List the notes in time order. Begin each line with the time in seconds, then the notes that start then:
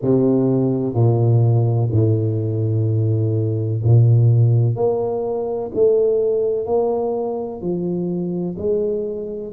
0.02 C3
0.94 A#2
1.91 A2
3.84 A#2
4.75 A#3
5.74 A3
6.66 A#3
7.61 F3
8.58 G#3